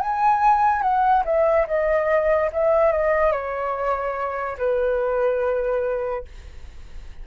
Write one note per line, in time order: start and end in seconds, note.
0.00 0.82 G#5
0.82 1.23 F#5
1.25 1.66 E5
1.67 2.50 D#5
2.52 2.92 E5
2.92 3.32 D#5
3.32 4.57 C#5
4.58 6.25 B4